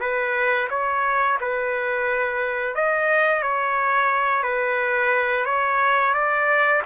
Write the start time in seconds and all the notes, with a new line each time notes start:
0.00 B4
0.70 C#5
1.40 B4
2.75 D#5
3.42 C#5
4.43 B4
5.45 C#5
6.13 D5